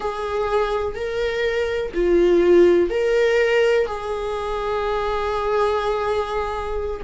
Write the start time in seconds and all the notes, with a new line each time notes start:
0.00 G#4
0.95 A#4
1.94 F4
2.89 A#4
3.86 G#4